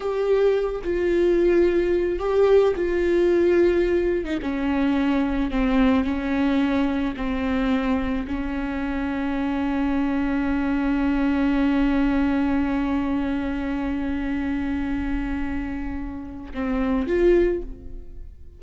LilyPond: \new Staff \with { instrumentName = "viola" } { \time 4/4 \tempo 4 = 109 g'4. f'2~ f'8 | g'4 f'2~ f'8. dis'16 | cis'2 c'4 cis'4~ | cis'4 c'2 cis'4~ |
cis'1~ | cis'1~ | cis'1~ | cis'2 c'4 f'4 | }